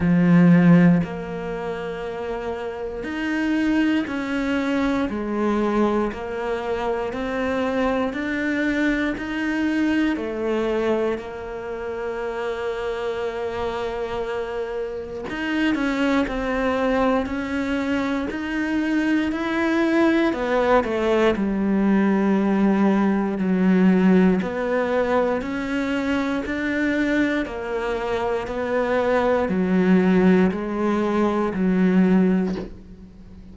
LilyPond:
\new Staff \with { instrumentName = "cello" } { \time 4/4 \tempo 4 = 59 f4 ais2 dis'4 | cis'4 gis4 ais4 c'4 | d'4 dis'4 a4 ais4~ | ais2. dis'8 cis'8 |
c'4 cis'4 dis'4 e'4 | b8 a8 g2 fis4 | b4 cis'4 d'4 ais4 | b4 fis4 gis4 fis4 | }